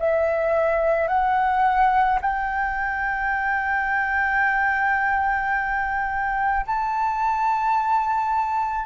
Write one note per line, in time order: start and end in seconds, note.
0.00 1.08 E5
1.08 2.19 F#5
2.22 6.66 G5
6.67 8.86 A5